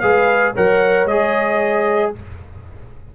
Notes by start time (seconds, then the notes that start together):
0.00 G#3 G#4 B4 F5
0.54 F#3 A#4 C#5 F#5
1.05 G#3 G#4 D#5